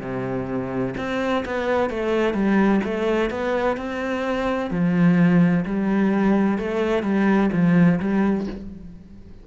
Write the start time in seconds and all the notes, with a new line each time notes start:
0.00 C3
0.97 C4
1.45 B3
1.89 A3
2.33 G3
2.84 A3
3.30 B3
3.76 C4
4.70 F3
5.65 G3
6.58 A3
7.02 G3
7.52 F3
7.99 G3